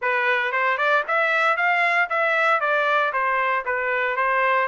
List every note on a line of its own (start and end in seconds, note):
0.01 0.51 B4
0.51 0.77 C5
0.77 1.03 D5
1.07 1.57 E5
1.57 2.09 F5
2.09 2.60 E5
2.60 3.12 D5
3.12 3.65 C5
3.65 4.16 B4
4.16 4.68 C5